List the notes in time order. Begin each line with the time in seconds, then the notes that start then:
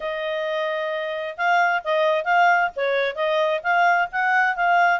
0.00 D#5
1.37 F5
1.84 D#5
2.24 F5
2.76 C#5
3.15 D#5
3.63 F5
4.12 F#5
4.56 F5